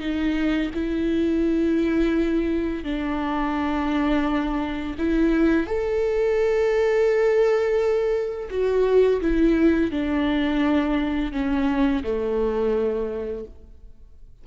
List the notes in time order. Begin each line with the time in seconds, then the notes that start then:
0.00 D#4
0.74 E4
2.84 D4
4.98 E4
5.67 A4
8.50 F#4
9.21 E4
9.91 D4
11.32 C#4
12.03 A3